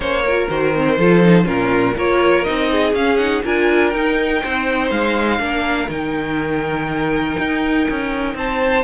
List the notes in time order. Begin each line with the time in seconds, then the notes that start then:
0.00 A#3 C#4 C5 C#5
0.24 F4 A#4
0.49 D#3 F#4 C5
0.76 C4
0.98 F3 F4 A4
1.23 D#4
1.44 A#2 C#4 F4 A#4
1.96 A#3 F4 A#4 C#5
2.44 C4 D#4 D#5
2.71 G#4
2.92 C#4 F5
3.17 D#4 F#5
3.43 D4 F4 A#4 G#5
3.90 D#4 G5
4.41 C4 C5
4.90 G#3 F5
5.39 A#3 D4 A#4
5.89 D#3 D#4 G5
7.38 D#4
7.90 C#4
8.34 C4 C5 A5